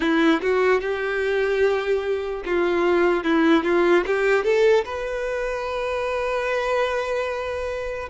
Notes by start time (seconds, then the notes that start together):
0.00 E4
0.41 F#4
0.81 G4
2.45 F4
3.24 E4
3.63 F4
4.06 G4
4.44 A4
4.84 B4